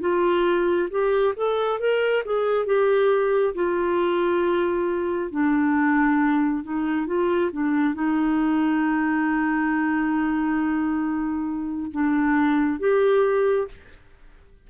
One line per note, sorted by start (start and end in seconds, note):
0.00 0.88 F4
0.90 1.34 G4
1.36 1.79 A4
1.79 2.23 A#4
2.25 2.66 G#4
2.66 3.54 G4
3.55 5.31 F4
5.31 6.63 D4
6.63 7.06 D#4
7.06 7.50 F4
7.52 7.94 D4
7.94 11.91 D#4
11.92 12.79 D4
12.79 13.68 G4